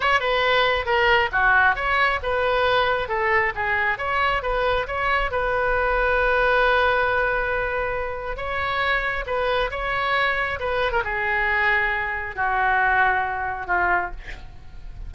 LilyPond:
\new Staff \with { instrumentName = "oboe" } { \time 4/4 \tempo 4 = 136 cis''8 b'4. ais'4 fis'4 | cis''4 b'2 a'4 | gis'4 cis''4 b'4 cis''4 | b'1~ |
b'2. cis''4~ | cis''4 b'4 cis''2 | b'8. ais'16 gis'2. | fis'2. f'4 | }